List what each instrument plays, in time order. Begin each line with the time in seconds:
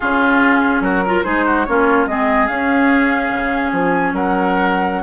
0.00 bassoon C#3, clarinet C#4, oboe F4, flute G#4
0.80 bassoon F#3, oboe F#4, flute A#4
1.05 clarinet F4, oboe A#4
1.23 bassoon G#3, clarinet D#4, oboe G#4, flute C5
1.45 oboe F#4
1.64 bassoon A#3, clarinet C#4, oboe F4, flute C#5
2.06 bassoon G#3, clarinet C4, oboe G#4, flute D#5
2.47 clarinet C#4, bassoon C#4, flute F5
3.30 bassoon C#3
3.72 bassoon F3, flute G#5
4.13 bassoon F#3, oboe A#4, flute F#5